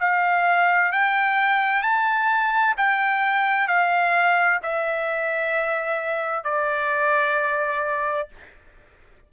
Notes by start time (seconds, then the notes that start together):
0.00 F5
0.92 G5
1.83 A5
2.77 G5
3.68 F5
4.63 E5
6.44 D5